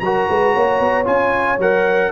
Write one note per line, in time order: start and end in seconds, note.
0.00 0.27 F#3
0.00 1.05 F#4
0.00 0.30 A#4
0.00 1.05 A#5
0.29 0.56 G#3
0.29 0.54 B4
0.54 0.80 A#3
0.54 2.12 C#5
0.80 1.06 B3
1.05 1.58 C#4
1.05 1.57 F4
1.05 1.59 G#5
1.58 2.11 F#3
1.58 2.12 A#4
1.58 2.12 F#5